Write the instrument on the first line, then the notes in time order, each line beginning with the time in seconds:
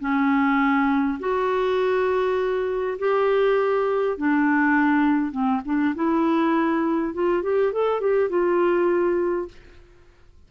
clarinet
0.00 C#4
1.20 F#4
2.99 G4
4.17 D4
5.32 C4
5.65 D4
5.95 E4
7.14 F4
7.43 G4
7.73 A4
8.01 G4
8.30 F4